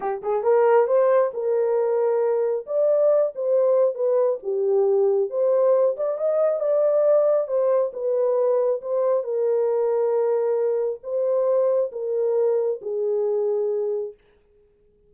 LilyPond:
\new Staff \with { instrumentName = "horn" } { \time 4/4 \tempo 4 = 136 g'8 gis'8 ais'4 c''4 ais'4~ | ais'2 d''4. c''8~ | c''4 b'4 g'2 | c''4. d''8 dis''4 d''4~ |
d''4 c''4 b'2 | c''4 ais'2.~ | ais'4 c''2 ais'4~ | ais'4 gis'2. | }